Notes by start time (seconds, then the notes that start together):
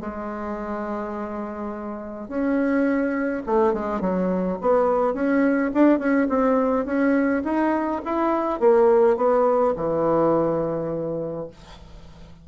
0.00 G#3
2.28 C#4
3.46 A3
3.73 G#3
4.00 F#3
4.61 B3
5.14 C#4
5.74 D4
5.99 C#4
6.29 C4
6.85 C#4
7.44 D#4
8.05 E4
8.59 A#3
9.16 B3
9.76 E3